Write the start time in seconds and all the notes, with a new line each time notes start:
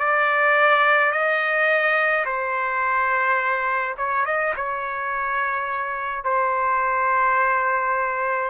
0.00 D5
1.12 D#5
2.26 C5
3.98 C#5
4.26 D#5
4.56 C#5
6.25 C5